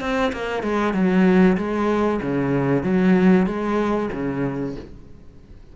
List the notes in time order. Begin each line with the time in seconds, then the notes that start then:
0.00 C4
0.32 A#3
0.63 G#3
0.93 F#3
1.57 G#3
2.21 C#3
2.83 F#3
3.46 G#3
4.12 C#3